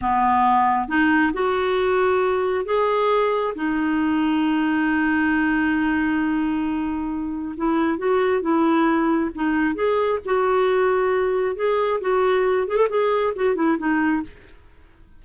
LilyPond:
\new Staff \with { instrumentName = "clarinet" } { \time 4/4 \tempo 4 = 135 b2 dis'4 fis'4~ | fis'2 gis'2 | dis'1~ | dis'1~ |
dis'4 e'4 fis'4 e'4~ | e'4 dis'4 gis'4 fis'4~ | fis'2 gis'4 fis'4~ | fis'8 gis'16 a'16 gis'4 fis'8 e'8 dis'4 | }